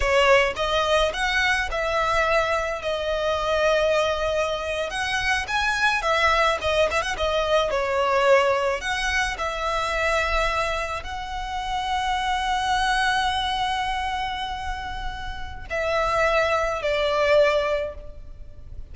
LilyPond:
\new Staff \with { instrumentName = "violin" } { \time 4/4 \tempo 4 = 107 cis''4 dis''4 fis''4 e''4~ | e''4 dis''2.~ | dis''8. fis''4 gis''4 e''4 dis''16~ | dis''16 e''16 fis''16 dis''4 cis''2 fis''16~ |
fis''8. e''2. fis''16~ | fis''1~ | fis''1 | e''2 d''2 | }